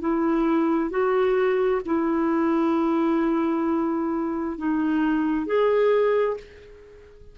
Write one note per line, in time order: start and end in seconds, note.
0.00 0.90 E4
0.90 1.81 F#4
1.85 4.57 E4
4.57 5.46 D#4
5.46 6.37 G#4